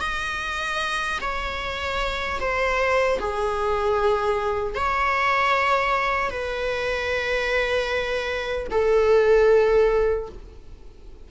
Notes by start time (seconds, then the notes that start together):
0.00 D#5
1.21 C#5
2.40 C5
3.19 G#4
4.75 C#5
6.30 B4
8.71 A4